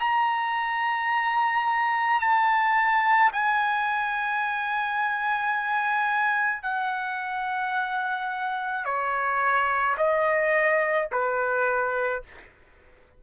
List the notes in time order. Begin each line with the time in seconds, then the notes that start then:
0.00 A#5
2.20 A5
3.33 G#5
6.63 F#5
8.85 C#5
9.97 D#5
11.12 B4